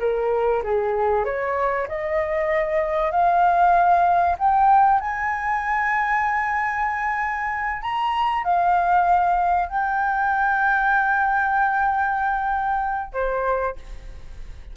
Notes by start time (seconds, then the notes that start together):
0.00 A#4
0.64 G#4
1.25 C#5
1.88 D#5
3.12 F5
4.39 G5
5.01 G#5
7.82 A#5
8.44 F5
9.69 G5
13.13 C5